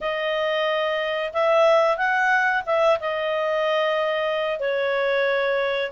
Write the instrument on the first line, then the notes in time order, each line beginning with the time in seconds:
clarinet
0.00 D#5
1.33 E5
1.97 F#5
2.66 E5
3.00 D#5
4.59 C#5